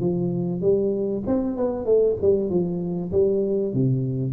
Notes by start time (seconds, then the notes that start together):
0.00 F3
0.61 G3
1.27 C4
1.56 B3
1.85 A3
2.21 G3
2.50 F3
3.12 G3
3.73 C3